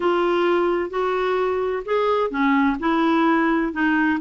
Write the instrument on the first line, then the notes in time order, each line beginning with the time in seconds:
clarinet
0.00 F4
0.90 F#4
1.85 G#4
2.30 C#4
2.79 E4
3.72 D#4